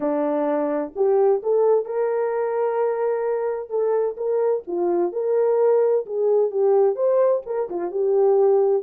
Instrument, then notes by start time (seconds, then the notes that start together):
horn
0.00 D4
0.95 G4
1.42 A4
1.85 A#4
3.69 A4
4.16 A#4
4.67 F4
5.12 A#4
6.06 G#4
6.51 G4
6.95 C5
7.46 A#4
7.69 F4
7.91 G4